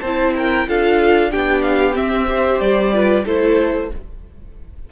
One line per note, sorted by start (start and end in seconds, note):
0.00 0.67 C4
0.00 0.68 E4
0.00 0.33 C5
0.00 0.32 A5
0.35 0.68 A#4
0.35 0.69 G5
0.68 1.33 D4
0.68 1.31 F4
0.68 1.31 A4
0.68 1.31 F5
1.31 1.99 B3
1.31 1.93 D4
1.31 2.28 G4
1.31 1.62 G5
1.62 1.94 F5
1.93 2.25 C4
1.93 2.60 C4
1.93 2.60 E5
2.27 2.92 G4
2.27 2.94 C5
2.60 3.24 G3
2.60 3.24 D5
2.92 3.25 F4
2.92 3.25 B4
3.25 3.90 A3
3.25 3.90 E4
3.25 3.89 A4
3.25 3.91 C5